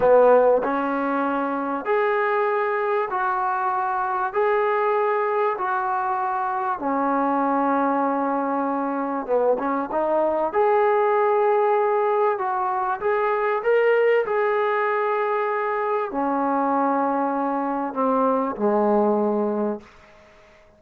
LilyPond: \new Staff \with { instrumentName = "trombone" } { \time 4/4 \tempo 4 = 97 b4 cis'2 gis'4~ | gis'4 fis'2 gis'4~ | gis'4 fis'2 cis'4~ | cis'2. b8 cis'8 |
dis'4 gis'2. | fis'4 gis'4 ais'4 gis'4~ | gis'2 cis'2~ | cis'4 c'4 gis2 | }